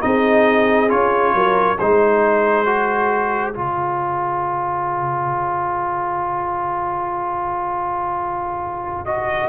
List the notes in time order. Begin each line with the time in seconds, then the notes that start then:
0.00 C4 D#4 G#4 D#5
0.88 C#4 F4 C#5
1.34 F#3 A#4
1.78 G#3 D#4 G#4 C5
2.66 F#4
3.53 C#3 F4 C#5
9.05 F#4 D#5